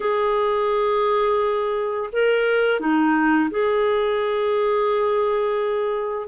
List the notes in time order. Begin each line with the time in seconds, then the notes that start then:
0.00 G#4
2.12 A#4
2.79 D#4
3.50 G#4